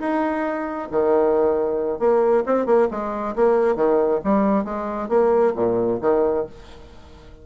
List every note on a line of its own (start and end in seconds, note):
0.00 0.89 D#4
0.92 2.00 D#3
2.00 2.44 A#3
2.46 2.66 C4
2.66 2.88 A#3
2.91 3.36 G#3
3.36 3.76 A#3
3.76 4.21 D#3
4.24 4.65 G3
4.65 5.09 G#3
5.09 5.54 A#3
5.56 6.01 A#2
6.02 6.46 D#3